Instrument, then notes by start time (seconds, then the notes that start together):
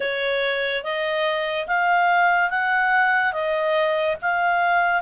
clarinet
0.00 C#5
0.83 D#5
1.67 F5
2.50 F#5
3.32 D#5
4.21 F5